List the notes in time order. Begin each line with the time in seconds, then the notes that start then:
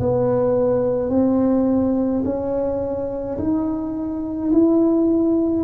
0.00 B3
1.10 C4
2.25 C#4
3.39 D#4
4.52 E4